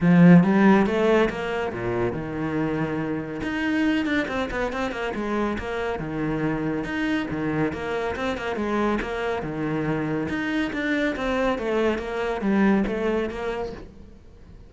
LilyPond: \new Staff \with { instrumentName = "cello" } { \time 4/4 \tempo 4 = 140 f4 g4 a4 ais4 | ais,4 dis2. | dis'4. d'8 c'8 b8 c'8 ais8 | gis4 ais4 dis2 |
dis'4 dis4 ais4 c'8 ais8 | gis4 ais4 dis2 | dis'4 d'4 c'4 a4 | ais4 g4 a4 ais4 | }